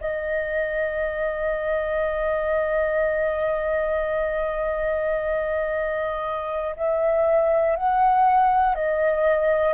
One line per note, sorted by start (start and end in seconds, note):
0.00 6.75 D#5
6.76 7.76 E5
7.76 8.75 F#5
8.75 9.74 D#5